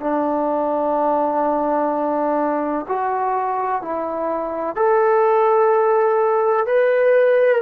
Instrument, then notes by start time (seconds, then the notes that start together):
trombone
0.00 D4
2.88 F#4
3.82 E4
4.76 A4
6.66 B4